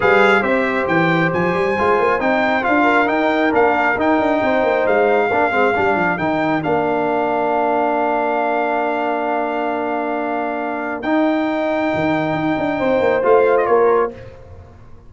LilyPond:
<<
  \new Staff \with { instrumentName = "trumpet" } { \time 4/4 \tempo 4 = 136 f''4 e''4 g''4 gis''4~ | gis''4 g''4 f''4 g''4 | f''4 g''2 f''4~ | f''2 g''4 f''4~ |
f''1~ | f''1~ | f''4 g''2.~ | g''2 f''8. dis''16 cis''4 | }
  \new Staff \with { instrumentName = "horn" } { \time 4/4 b'4 c''2.~ | c''2~ c''8 ais'4.~ | ais'2 c''2 | ais'1~ |
ais'1~ | ais'1~ | ais'1~ | ais'4 c''2 ais'4 | }
  \new Staff \with { instrumentName = "trombone" } { \time 4/4 gis'4 g'2. | f'4 dis'4 f'4 dis'4 | d'4 dis'2. | d'8 c'8 d'4 dis'4 d'4~ |
d'1~ | d'1~ | d'4 dis'2.~ | dis'2 f'2 | }
  \new Staff \with { instrumentName = "tuba" } { \time 4/4 g4 c'4 e4 f8 g8 | gis8 ais8 c'4 d'4 dis'4 | ais4 dis'8 d'8 c'8 ais8 gis4 | ais8 gis8 g8 f8 dis4 ais4~ |
ais1~ | ais1~ | ais4 dis'2 dis4 | dis'8 d'8 c'8 ais8 a4 ais4 | }
>>